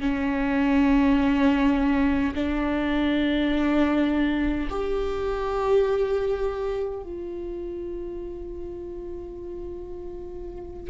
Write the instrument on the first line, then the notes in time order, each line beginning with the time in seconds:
viola
0.00 C#4
2.34 D4
4.69 G4
7.02 F4